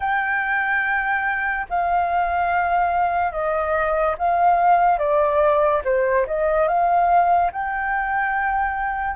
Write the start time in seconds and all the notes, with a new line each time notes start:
0.00 G5
1.69 F5
3.32 D#5
4.18 F5
4.98 D5
5.84 C5
6.27 D#5
6.67 F5
7.52 G5